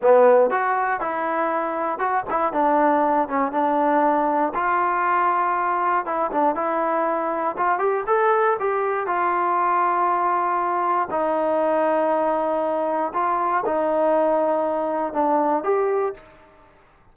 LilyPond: \new Staff \with { instrumentName = "trombone" } { \time 4/4 \tempo 4 = 119 b4 fis'4 e'2 | fis'8 e'8 d'4. cis'8 d'4~ | d'4 f'2. | e'8 d'8 e'2 f'8 g'8 |
a'4 g'4 f'2~ | f'2 dis'2~ | dis'2 f'4 dis'4~ | dis'2 d'4 g'4 | }